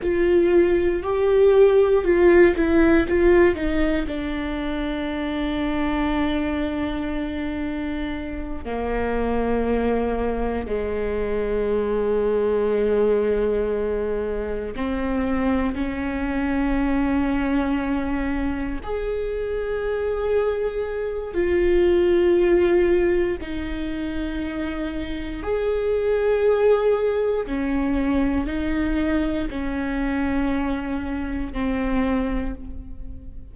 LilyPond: \new Staff \with { instrumentName = "viola" } { \time 4/4 \tempo 4 = 59 f'4 g'4 f'8 e'8 f'8 dis'8 | d'1~ | d'8 ais2 gis4.~ | gis2~ gis8 c'4 cis'8~ |
cis'2~ cis'8 gis'4.~ | gis'4 f'2 dis'4~ | dis'4 gis'2 cis'4 | dis'4 cis'2 c'4 | }